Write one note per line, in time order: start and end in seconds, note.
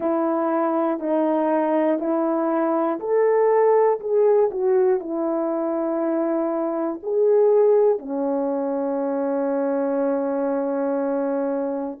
0.00 0.99 E4
0.99 1.99 D#4
1.99 2.99 E4
2.99 3.99 A4
4.00 4.50 G#4
4.50 5.00 F#4
5.00 7.00 E4
7.02 7.99 G#4
7.99 11.99 C#4